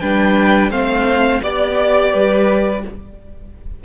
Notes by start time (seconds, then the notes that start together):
0.00 G3 D4 B4 G5
0.71 A3 C4 C5 F5
1.43 B3 G4 D5
2.13 G3 B4